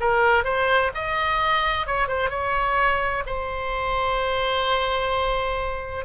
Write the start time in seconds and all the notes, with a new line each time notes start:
0.00 A#4
0.44 C5
0.94 D#5
1.86 C#5
2.08 C5
2.30 C#5
3.26 C5